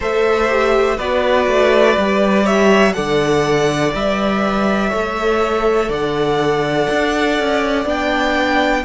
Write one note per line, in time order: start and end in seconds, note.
0.00 0.99 A3
0.00 0.47 A4
0.00 0.97 C5
0.00 0.99 E5
0.47 0.97 G4
0.97 1.47 B3
0.97 1.98 F#4
0.97 2.43 B4
0.97 2.46 D5
1.47 1.96 A3
1.97 2.95 G3
1.97 2.92 G4
2.43 2.92 C#5
2.43 2.93 E5
2.92 3.93 D3
2.92 3.91 A4
2.92 4.90 D5
2.92 3.91 F#5
3.93 4.92 G3
3.93 4.90 B4
3.93 5.91 E5
4.90 5.89 A3
4.90 7.85 A4
4.90 5.88 C#5
5.88 6.87 D3
5.88 8.83 D5
5.88 7.88 F#5
6.90 7.39 D4
7.39 7.85 C#4
7.85 8.83 B3
7.85 8.83 D4
7.85 8.84 G5